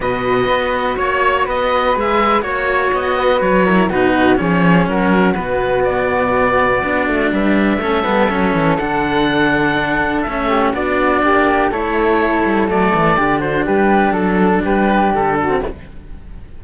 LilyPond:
<<
  \new Staff \with { instrumentName = "oboe" } { \time 4/4 \tempo 4 = 123 dis''2 cis''4 dis''4 | e''4 cis''4 dis''4 cis''4 | b'4 cis''4 ais'4 b'4 | d''2. e''4~ |
e''2 fis''2~ | fis''4 e''4 d''2 | cis''2 d''4. c''8 | b'4 a'4 b'4 a'4 | }
  \new Staff \with { instrumentName = "flute" } { \time 4/4 b'2 cis''4 b'4~ | b'4 cis''4. b'4 ais'8 | fis'4 gis'4 fis'2~ | fis'2. b'4 |
a'1~ | a'4. g'8 fis'4 g'4 | a'2. g'8 fis'8 | g'4 a'4 g'4. fis'8 | }
  \new Staff \with { instrumentName = "cello" } { \time 4/4 fis'1 | gis'4 fis'2~ fis'8 e'8 | dis'4 cis'2 b4~ | b2 d'2 |
cis'8 b8 cis'4 d'2~ | d'4 cis'4 d'2 | e'2 a4 d'4~ | d'2.~ d'8. c'16 | }
  \new Staff \with { instrumentName = "cello" } { \time 4/4 b,4 b4 ais4 b4 | gis4 ais4 b4 fis4 | b,4 f4 fis4 b,4~ | b,2 b8 a8 g4 |
a8 g8 fis8 e8 d2~ | d4 a4 b4 ais4 | a4. g8 fis8 e8 d4 | g4 fis4 g4 d4 | }
>>